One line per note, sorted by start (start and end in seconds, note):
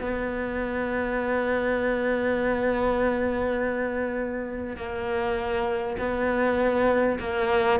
0.00 4.77 B3
4.77 5.97 A#3
5.99 7.19 B3
7.20 7.79 A#3